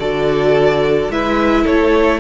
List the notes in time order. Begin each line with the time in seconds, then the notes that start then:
0.00 D3 F#4 A4 D5
1.09 G#3 E4 B4 E5
1.63 A3 A4 C#5